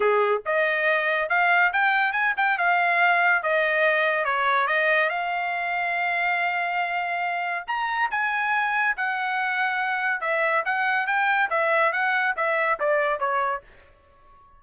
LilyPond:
\new Staff \with { instrumentName = "trumpet" } { \time 4/4 \tempo 4 = 141 gis'4 dis''2 f''4 | g''4 gis''8 g''8 f''2 | dis''2 cis''4 dis''4 | f''1~ |
f''2 ais''4 gis''4~ | gis''4 fis''2. | e''4 fis''4 g''4 e''4 | fis''4 e''4 d''4 cis''4 | }